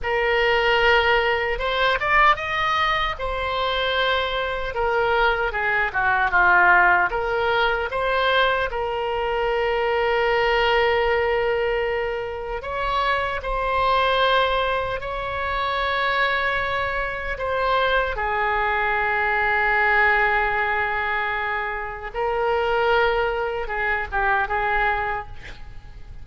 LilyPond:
\new Staff \with { instrumentName = "oboe" } { \time 4/4 \tempo 4 = 76 ais'2 c''8 d''8 dis''4 | c''2 ais'4 gis'8 fis'8 | f'4 ais'4 c''4 ais'4~ | ais'1 |
cis''4 c''2 cis''4~ | cis''2 c''4 gis'4~ | gis'1 | ais'2 gis'8 g'8 gis'4 | }